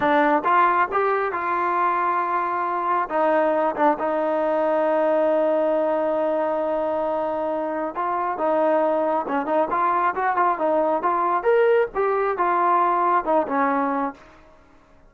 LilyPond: \new Staff \with { instrumentName = "trombone" } { \time 4/4 \tempo 4 = 136 d'4 f'4 g'4 f'4~ | f'2. dis'4~ | dis'8 d'8 dis'2.~ | dis'1~ |
dis'2 f'4 dis'4~ | dis'4 cis'8 dis'8 f'4 fis'8 f'8 | dis'4 f'4 ais'4 g'4 | f'2 dis'8 cis'4. | }